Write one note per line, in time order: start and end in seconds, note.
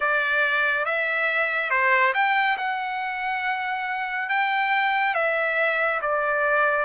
0.00 0.85 D5
0.85 1.70 E5
1.70 2.13 C5
2.14 2.57 G5
2.57 4.29 F#5
4.29 5.14 G5
5.14 6.00 E5
6.01 6.85 D5